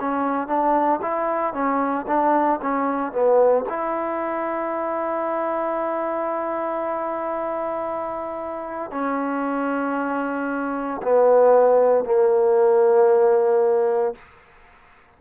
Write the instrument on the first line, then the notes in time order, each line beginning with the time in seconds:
trombone
0.00 C#4
0.47 D4
1.02 E4
1.53 C#4
2.07 D4
2.62 C#4
3.12 B3
3.69 E4
8.91 C#4
11.02 B3
12.04 A#3